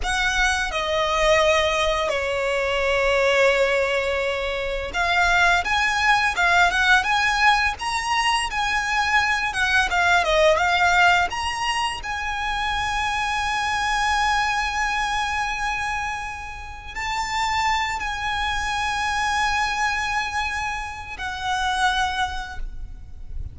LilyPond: \new Staff \with { instrumentName = "violin" } { \time 4/4 \tempo 4 = 85 fis''4 dis''2 cis''4~ | cis''2. f''4 | gis''4 f''8 fis''8 gis''4 ais''4 | gis''4. fis''8 f''8 dis''8 f''4 |
ais''4 gis''2.~ | gis''1 | a''4. gis''2~ gis''8~ | gis''2 fis''2 | }